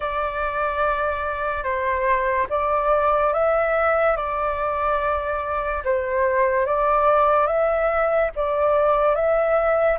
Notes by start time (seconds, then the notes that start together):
0.00 D5
1.63 C5
2.49 D5
3.33 E5
4.16 D5
5.84 C5
6.66 D5
7.47 E5
8.35 D5
9.15 E5